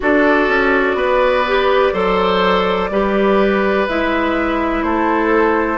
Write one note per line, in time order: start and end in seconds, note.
0.00 0.47 D4
0.00 1.44 F#4
0.00 0.97 A4
0.00 3.88 D5
0.47 0.94 C#4
0.94 1.91 B3
0.94 1.93 B4
1.47 1.93 G4
1.93 2.90 F#3
1.93 2.90 A4
1.93 2.90 C5
2.90 3.86 G3
2.90 3.87 G4
2.90 4.84 B4
3.88 4.82 G#3
3.88 5.77 E4
3.88 4.82 E5
4.82 5.77 A3
4.82 5.77 A4
4.82 5.77 C5